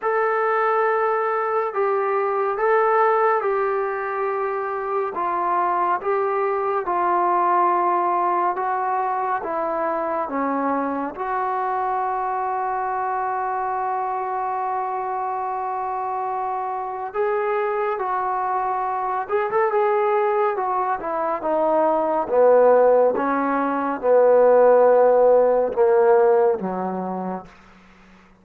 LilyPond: \new Staff \with { instrumentName = "trombone" } { \time 4/4 \tempo 4 = 70 a'2 g'4 a'4 | g'2 f'4 g'4 | f'2 fis'4 e'4 | cis'4 fis'2.~ |
fis'1 | gis'4 fis'4. gis'16 a'16 gis'4 | fis'8 e'8 dis'4 b4 cis'4 | b2 ais4 fis4 | }